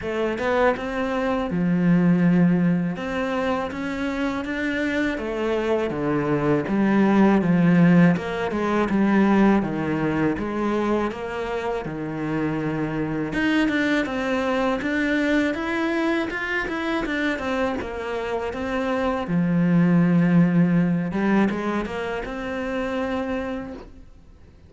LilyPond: \new Staff \with { instrumentName = "cello" } { \time 4/4 \tempo 4 = 81 a8 b8 c'4 f2 | c'4 cis'4 d'4 a4 | d4 g4 f4 ais8 gis8 | g4 dis4 gis4 ais4 |
dis2 dis'8 d'8 c'4 | d'4 e'4 f'8 e'8 d'8 c'8 | ais4 c'4 f2~ | f8 g8 gis8 ais8 c'2 | }